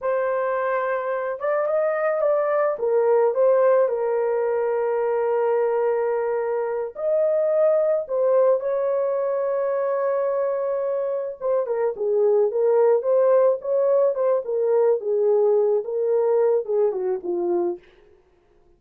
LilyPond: \new Staff \with { instrumentName = "horn" } { \time 4/4 \tempo 4 = 108 c''2~ c''8 d''8 dis''4 | d''4 ais'4 c''4 ais'4~ | ais'1~ | ais'8 dis''2 c''4 cis''8~ |
cis''1~ | cis''8 c''8 ais'8 gis'4 ais'4 c''8~ | c''8 cis''4 c''8 ais'4 gis'4~ | gis'8 ais'4. gis'8 fis'8 f'4 | }